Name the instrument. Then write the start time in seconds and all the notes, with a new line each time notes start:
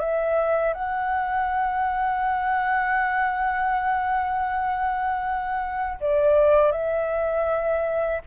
flute
0.00 E5
0.74 F#5
6.01 D5
6.72 E5